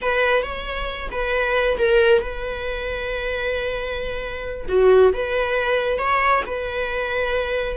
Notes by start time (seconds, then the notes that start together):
0.01 B4
0.42 C#5
1.11 B4
1.78 A#4
2.22 B4
4.68 F#4
5.13 B4
5.98 C#5
6.46 B4